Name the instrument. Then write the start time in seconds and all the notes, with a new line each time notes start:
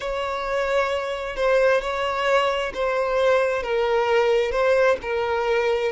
violin
0.00 C#5
1.36 C5
1.81 C#5
2.74 C5
3.62 A#4
4.51 C5
5.02 A#4